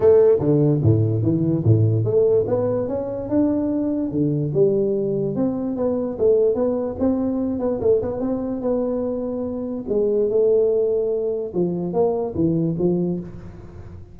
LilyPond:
\new Staff \with { instrumentName = "tuba" } { \time 4/4 \tempo 4 = 146 a4 d4 a,4 e4 | a,4 a4 b4 cis'4 | d'2 d4 g4~ | g4 c'4 b4 a4 |
b4 c'4. b8 a8 b8 | c'4 b2. | gis4 a2. | f4 ais4 e4 f4 | }